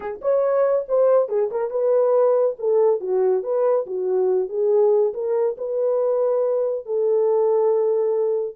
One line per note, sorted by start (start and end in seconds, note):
0.00 0.20 G#4
0.21 0.86 C#5
0.88 1.28 C5
1.28 1.50 G#4
1.51 1.70 A#4
1.70 2.56 B4
2.59 3.00 A4
3.00 3.43 F#4
3.43 3.86 B4
3.86 4.48 F#4
4.48 5.13 G#4
5.13 5.56 A#4
5.57 6.85 B4
6.85 8.55 A4